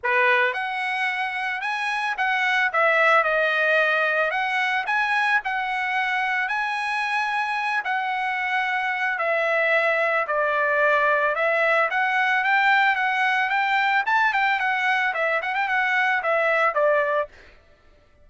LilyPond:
\new Staff \with { instrumentName = "trumpet" } { \time 4/4 \tempo 4 = 111 b'4 fis''2 gis''4 | fis''4 e''4 dis''2 | fis''4 gis''4 fis''2 | gis''2~ gis''8 fis''4.~ |
fis''4 e''2 d''4~ | d''4 e''4 fis''4 g''4 | fis''4 g''4 a''8 g''8 fis''4 | e''8 fis''16 g''16 fis''4 e''4 d''4 | }